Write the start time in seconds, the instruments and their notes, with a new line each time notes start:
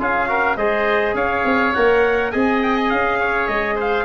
0.00 tuba C#4, trombone F4, oboe G#4, trumpet F5
0.28 trombone F#4, oboe A#4
0.57 tuba G#3, trombone G#4, oboe C5, trumpet D#5
1.15 tuba C#4, oboe C#5, trumpet F5
1.45 tuba C4
1.74 tuba A#3, trombone A#4, trumpet F#5
2.32 tuba C4, trombone G#4, oboe D#5, trumpet G#5
2.63 trumpet G5
2.78 trumpet G#5
2.90 tuba C#4, trumpet F5
3.20 oboe C#5
3.48 tuba G#3, trumpet D#5
3.76 oboe C5, trumpet F5